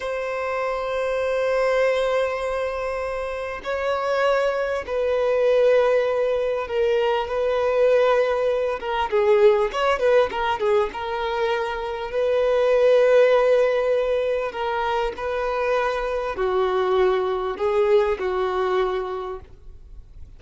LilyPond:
\new Staff \with { instrumentName = "violin" } { \time 4/4 \tempo 4 = 99 c''1~ | c''2 cis''2 | b'2. ais'4 | b'2~ b'8 ais'8 gis'4 |
cis''8 b'8 ais'8 gis'8 ais'2 | b'1 | ais'4 b'2 fis'4~ | fis'4 gis'4 fis'2 | }